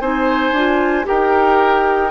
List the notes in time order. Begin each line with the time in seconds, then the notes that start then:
0.00 C4 D#4 C5 G#5
0.52 D4 F4
1.04 D#4 G4 A#4 G5